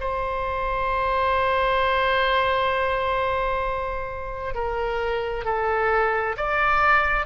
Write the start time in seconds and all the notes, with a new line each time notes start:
0.00 C5
4.54 A#4
5.45 A4
6.37 D5